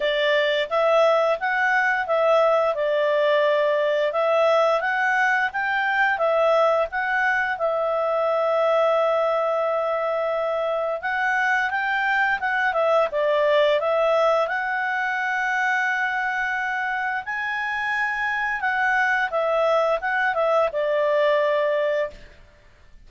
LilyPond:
\new Staff \with { instrumentName = "clarinet" } { \time 4/4 \tempo 4 = 87 d''4 e''4 fis''4 e''4 | d''2 e''4 fis''4 | g''4 e''4 fis''4 e''4~ | e''1 |
fis''4 g''4 fis''8 e''8 d''4 | e''4 fis''2.~ | fis''4 gis''2 fis''4 | e''4 fis''8 e''8 d''2 | }